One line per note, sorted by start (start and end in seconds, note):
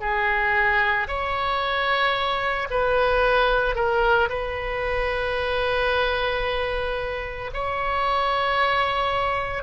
0.00 1.07 G#4
1.08 2.68 C#5
2.70 3.75 B4
3.75 4.29 A#4
4.30 7.51 B4
7.53 9.63 C#5